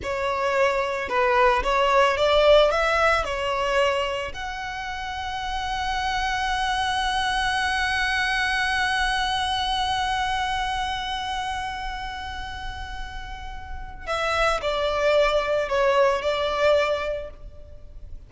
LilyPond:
\new Staff \with { instrumentName = "violin" } { \time 4/4 \tempo 4 = 111 cis''2 b'4 cis''4 | d''4 e''4 cis''2 | fis''1~ | fis''1~ |
fis''1~ | fis''1~ | fis''2 e''4 d''4~ | d''4 cis''4 d''2 | }